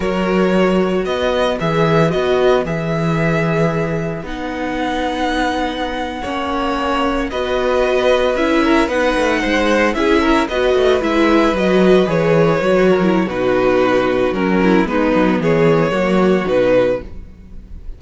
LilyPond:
<<
  \new Staff \with { instrumentName = "violin" } { \time 4/4 \tempo 4 = 113 cis''2 dis''4 e''4 | dis''4 e''2. | fis''1~ | fis''4.~ fis''16 dis''2 e''16~ |
e''8. fis''2 e''4 dis''16~ | dis''8. e''4 dis''4 cis''4~ cis''16~ | cis''4 b'2 ais'4 | b'4 cis''2 b'4 | }
  \new Staff \with { instrumentName = "violin" } { \time 4/4 ais'2 b'2~ | b'1~ | b'2.~ b'8. cis''16~ | cis''4.~ cis''16 b'2~ b'16~ |
b'16 ais'8 b'4 c''4 gis'8 ais'8 b'16~ | b'1~ | b'16 ais'8. fis'2~ fis'8 e'8 | dis'4 gis'4 fis'2 | }
  \new Staff \with { instrumentName = "viola" } { \time 4/4 fis'2. gis'4 | fis'4 gis'2. | dis'2.~ dis'8. cis'16~ | cis'4.~ cis'16 fis'2 e'16~ |
e'8. dis'2 e'4 fis'16~ | fis'8. e'4 fis'4 gis'4 fis'16~ | fis'8 e'8 dis'2 cis'4 | b2 ais4 dis'4 | }
  \new Staff \with { instrumentName = "cello" } { \time 4/4 fis2 b4 e4 | b4 e2. | b2.~ b8. ais16~ | ais4.~ ais16 b2 cis'16~ |
cis'8. b8 a8 gis4 cis'4 b16~ | b16 a8 gis4 fis4 e4 fis16~ | fis4 b,2 fis4 | gis8 fis8 e4 fis4 b,4 | }
>>